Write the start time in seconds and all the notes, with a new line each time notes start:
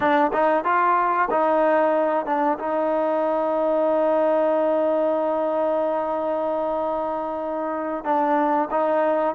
0.00 D4
0.32 D#4
0.64 F4
1.30 D#4
2.25 D4
2.58 D#4
8.04 D4
8.71 D#4